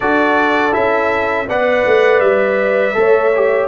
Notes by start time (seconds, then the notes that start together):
0.00 D4 F#4 A4 D5
0.72 C#4 E4 E5
1.48 B3 B4 D5 F#5
1.86 A3
2.20 G3 E5
2.94 A3 A4 C#5
3.35 G4